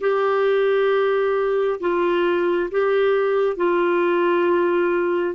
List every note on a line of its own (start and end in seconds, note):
0.00 1.79 G4
1.80 2.69 F4
2.71 3.56 G4
3.56 5.35 F4